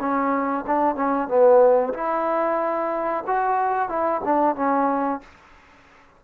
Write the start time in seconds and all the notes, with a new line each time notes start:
0.00 C#4
0.67 D4
0.96 C#4
1.28 B3
1.94 E4
3.27 F#4
3.89 E4
4.25 D4
4.56 C#4